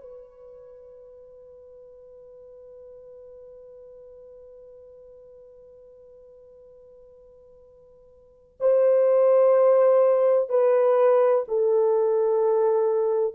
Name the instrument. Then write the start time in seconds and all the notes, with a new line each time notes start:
horn
0.00 B4
8.60 C5
10.48 B4
11.47 A4